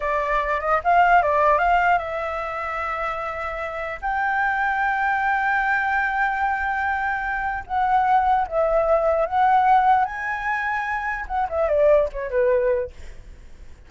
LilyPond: \new Staff \with { instrumentName = "flute" } { \time 4/4 \tempo 4 = 149 d''4. dis''8 f''4 d''4 | f''4 e''2.~ | e''2 g''2~ | g''1~ |
g''2. fis''4~ | fis''4 e''2 fis''4~ | fis''4 gis''2. | fis''8 e''8 d''4 cis''8 b'4. | }